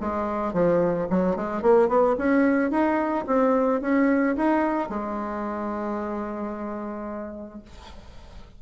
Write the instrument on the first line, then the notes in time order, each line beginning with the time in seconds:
bassoon
0.00 G#3
0.53 F3
1.10 F#3
1.36 G#3
1.62 A#3
1.88 B3
2.18 C#4
2.70 D#4
3.26 C4
3.81 C#4
4.36 D#4
4.89 G#3